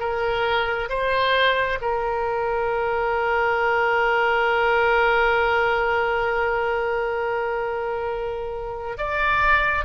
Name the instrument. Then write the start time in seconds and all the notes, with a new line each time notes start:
oboe
0.00 A#4
0.90 C5
1.82 A#4
8.98 D5